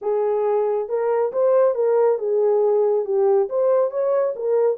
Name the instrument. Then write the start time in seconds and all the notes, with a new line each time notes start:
horn
0.01 G#4
0.88 A#4
1.32 C5
1.74 A#4
2.18 G#4
3.05 G4
3.49 C5
3.90 C#5
4.35 A#4